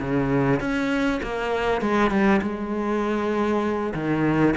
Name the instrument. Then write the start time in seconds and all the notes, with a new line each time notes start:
cello
0.00 C#3
0.60 C#4
1.22 A#3
1.81 G#3
2.10 G3
2.42 G#3
3.94 D#3